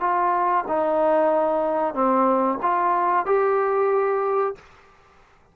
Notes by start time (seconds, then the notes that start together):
0.00 F4
0.68 D#4
1.94 C4
2.62 F4
3.26 G4